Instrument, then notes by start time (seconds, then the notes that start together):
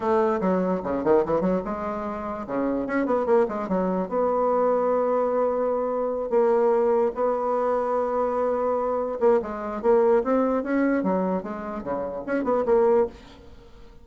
bassoon
0.00 A3
0.40 F#3
0.83 C#3
1.03 D#3
1.25 E3
1.40 F#3
1.64 G#3
2.47 C#3
2.86 C#4
3.06 B3
3.26 A#3
3.48 G#3
3.68 F#3
4.09 B3
6.29 A#3
7.14 B3
9.20 A#3
9.42 G#3
9.82 A#3
10.23 C4
10.63 C#4
11.03 F#3
11.42 G#3
11.83 C#3
12.26 C#4
12.44 B3
12.65 A#3